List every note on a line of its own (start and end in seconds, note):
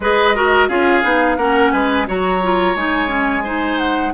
0.00 0.68 G#3
0.00 0.35 G#4
0.00 0.35 B4
0.00 0.68 D#5
0.35 0.69 F#4
0.35 0.68 A#4
0.68 1.03 C#4
0.68 1.03 F4
0.68 1.37 G#4
0.68 1.37 F5
1.03 1.37 B3
1.03 1.37 D#4
1.37 1.71 A#3
1.37 2.06 C#4
1.37 1.72 A#4
1.37 1.71 F#5
1.71 2.07 G#3
1.71 2.07 B4
1.71 2.06 G#5
2.06 2.75 F#3
2.06 2.41 F#4
2.06 3.43 C#5
2.06 2.76 A#5
2.42 2.76 F4
2.75 4.13 G#3
2.75 3.07 D#4
2.75 3.78 G#5
3.07 3.42 C#4
3.43 4.13 D#4
3.43 4.12 C5
3.78 4.12 F#5